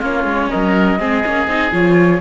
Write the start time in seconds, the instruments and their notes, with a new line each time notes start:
0.00 cello A#3, viola C#4, oboe F4, flute C#5
0.24 cello G#3
0.50 cello F#3, oboe A#4, flute D#5
1.00 cello G#3, viola C4, oboe G#4
1.24 cello A#3, viola C#4
1.48 cello C4, viola D#4
1.72 cello F3, viola F4, flute C#5